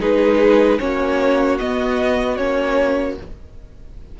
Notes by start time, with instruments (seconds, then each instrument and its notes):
0.00 cello G#3, viola D#4, violin G#4 B4
0.79 cello A#3, viola C#4, violin F#4 C#5
1.59 viola B3, cello B3, violin D#5
2.37 cello A#3, viola C#4, violin C#5